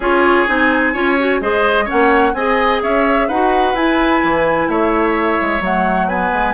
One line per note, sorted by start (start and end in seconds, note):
0.00 0.46 C#4
0.00 0.47 F4
0.00 0.93 G#4
0.00 0.48 C#5
0.47 0.95 C4
0.47 0.94 D#4
0.47 1.41 G#5
0.93 1.40 C#4
0.93 1.17 F4
0.93 1.40 C#5
1.18 1.41 F#4
1.40 1.87 G#3
1.40 1.86 G#4
1.40 1.84 C5
1.40 1.88 D#5
1.84 2.33 C#4
1.84 2.31 C#5
1.84 2.34 F#5
1.92 2.33 A#3
2.33 2.80 C4
2.33 3.30 G#4
2.33 2.82 D#5
2.33 2.80 G#5
2.82 3.28 C#4
2.82 3.27 C#5
2.82 3.29 E5
3.27 3.73 D#4
3.27 3.75 F#4
3.27 4.68 B4
3.27 3.75 F#5
3.73 4.20 E4
3.73 5.61 E4
3.73 4.69 G#5
4.23 4.68 E3
4.68 5.38 A3
4.68 6.08 C#5
4.68 5.62 E5
5.41 5.60 G#3
5.60 6.30 F#3
5.60 6.08 A3
5.60 6.08 F#5
6.08 6.53 B3
6.08 6.53 B4
6.08 6.53 G#5
6.32 6.53 G#3